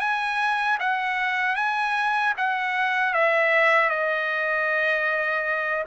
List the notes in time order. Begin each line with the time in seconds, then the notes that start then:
0.00 G#5
0.80 F#5
1.55 G#5
2.37 F#5
3.13 E5
3.90 D#5